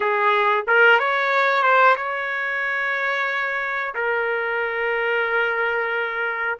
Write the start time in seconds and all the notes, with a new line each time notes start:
0.00 G#4
0.67 A#4
0.99 C#5
1.62 C5
1.96 C#5
3.94 A#4